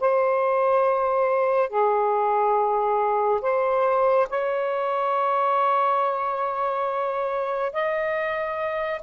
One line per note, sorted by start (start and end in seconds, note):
0.00 1.69 C5
1.69 3.41 G#4
3.41 4.27 C5
4.29 7.72 C#5
7.72 9.01 D#5